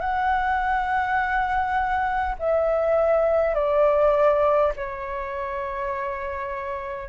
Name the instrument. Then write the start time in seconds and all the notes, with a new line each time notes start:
flute
0.00 F#5
2.39 E5
3.55 D5
4.76 C#5